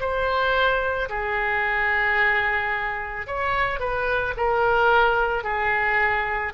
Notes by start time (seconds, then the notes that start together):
0.00 C5
1.09 G#4
3.27 C#5
3.80 B4
4.37 A#4
5.44 G#4